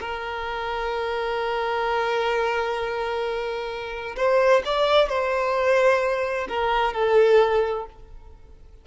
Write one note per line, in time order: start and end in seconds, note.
0.00 4.15 A#4
4.16 4.62 C5
4.64 5.09 D5
5.09 6.47 C5
6.48 6.93 A#4
6.93 7.85 A4